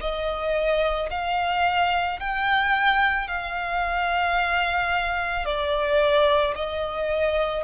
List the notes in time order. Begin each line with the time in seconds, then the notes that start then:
0.00 D#5
1.10 F5
2.19 G5
3.27 F5
5.45 D5
6.55 D#5